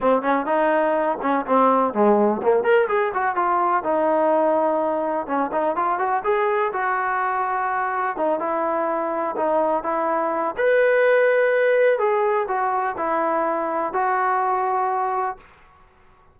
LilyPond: \new Staff \with { instrumentName = "trombone" } { \time 4/4 \tempo 4 = 125 c'8 cis'8 dis'4. cis'8 c'4 | gis4 ais8 ais'8 gis'8 fis'8 f'4 | dis'2. cis'8 dis'8 | f'8 fis'8 gis'4 fis'2~ |
fis'4 dis'8 e'2 dis'8~ | dis'8 e'4. b'2~ | b'4 gis'4 fis'4 e'4~ | e'4 fis'2. | }